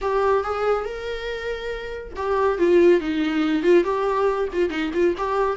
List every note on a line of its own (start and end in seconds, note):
0.01 0.43 G4
0.43 0.85 G#4
0.85 2.13 A#4
2.15 2.58 G4
2.58 3.00 F4
3.00 3.63 D#4
3.63 3.84 F4
3.84 4.48 G4
4.52 4.69 F4
4.69 4.91 D#4
4.93 5.14 F4
5.17 5.56 G4